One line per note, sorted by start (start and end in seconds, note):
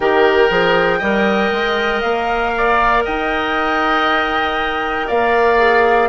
0.00 0.50 D#3
0.00 0.49 G4
0.00 0.98 A#4
0.00 2.01 G5
0.49 1.00 F3
0.49 1.00 G#4
0.98 1.51 G3
0.98 5.57 A#4
0.98 2.51 D#5
1.51 2.02 G#3
2.01 3.04 A#3
2.01 3.03 F5
2.57 3.04 D5
3.04 5.10 D#4
3.04 5.07 D#5
3.04 5.08 G5
5.07 6.09 A#3
5.07 6.09 D5
5.07 6.09 F5
5.57 6.08 G#4